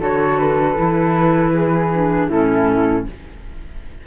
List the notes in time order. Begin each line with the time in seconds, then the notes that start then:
0.00 D3 F#4 A4 C#5
0.38 B4
0.76 E3 E4
1.54 G#4
1.94 D4
2.28 A2 C#4 E4 A4